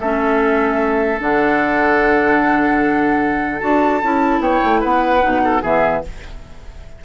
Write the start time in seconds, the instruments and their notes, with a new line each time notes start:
0.00 bassoon A3, clarinet C#4, oboe A4, flute E5
1.19 bassoon D3, clarinet D4, flute F#5
3.60 bassoon D4, clarinet F#4, flute A5
4.03 bassoon C#4, clarinet E4
4.40 bassoon B3, oboe C#5, flute G5
4.64 bassoon A3
4.81 bassoon B3, oboe B4, flute F#5
5.21 bassoon B2, clarinet D#4
5.44 oboe A4
5.62 bassoon E3, clarinet B3, oboe G#4, flute E5